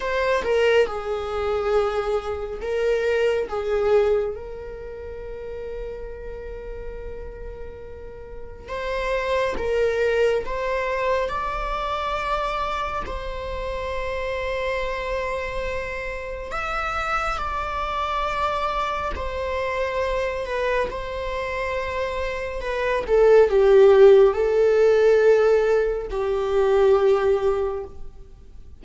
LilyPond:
\new Staff \with { instrumentName = "viola" } { \time 4/4 \tempo 4 = 69 c''8 ais'8 gis'2 ais'4 | gis'4 ais'2.~ | ais'2 c''4 ais'4 | c''4 d''2 c''4~ |
c''2. e''4 | d''2 c''4. b'8 | c''2 b'8 a'8 g'4 | a'2 g'2 | }